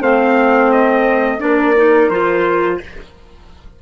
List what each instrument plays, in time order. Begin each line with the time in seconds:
0.00 bassoon A3, clarinet C4, horn C5, trumpet F5
0.72 trumpet D#5
1.39 bassoon A#3, clarinet D4, horn A#4, trumpet D5
1.76 clarinet D#4
2.09 bassoon F3, clarinet F4, trumpet C5